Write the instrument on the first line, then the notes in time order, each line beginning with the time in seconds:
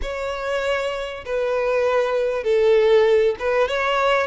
violin
0.01 C#5
1.25 B4
2.43 A4
3.39 B4
3.68 C#5